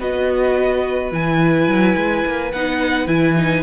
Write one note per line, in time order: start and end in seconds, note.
0.00 1.12 B3
0.00 1.11 F#4
0.00 3.63 B4
0.00 1.13 D#5
1.11 1.67 E3
1.11 2.52 E4
1.11 2.52 G#5
1.67 1.95 F#3
1.96 2.24 G#3
2.25 2.53 A#3
2.52 3.07 B3
2.52 3.07 D#4
2.52 3.07 F#5
3.07 3.63 E3
3.07 3.35 E4
3.07 3.63 G#5
3.37 3.63 D#4